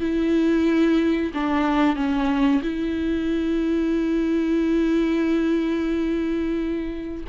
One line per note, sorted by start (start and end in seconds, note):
0.00 1.32 E4
1.34 1.96 D4
1.96 2.62 C#4
2.62 7.24 E4